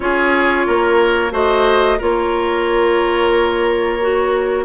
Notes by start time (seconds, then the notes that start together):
0.00 C#4 F4 G#4 C#5
0.66 A#3 A#4
1.31 A3 F#4 C5 D#5
1.98 A#3 F4 A#4 C#5
4.01 F#4